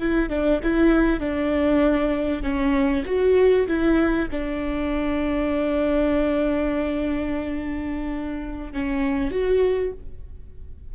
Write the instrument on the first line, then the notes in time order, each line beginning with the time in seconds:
viola
0.00 E4
0.30 D4
0.63 E4
1.20 D4
2.43 C#4
3.06 F#4
3.68 E4
4.32 D4
8.74 C#4
9.31 F#4